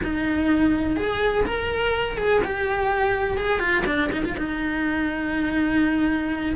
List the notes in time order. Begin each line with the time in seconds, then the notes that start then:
0.03 D#4
0.96 G#4
1.45 A#4
2.17 G#4
2.43 G4
3.37 G#4
3.59 F4
3.86 D4
4.12 D#4
4.24 F4
4.37 D#4